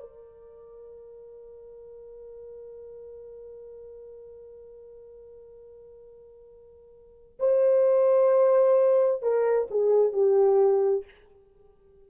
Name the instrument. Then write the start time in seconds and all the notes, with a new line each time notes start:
horn
0.00 A#4
7.40 C5
9.22 A#4
9.70 G#4
10.12 G4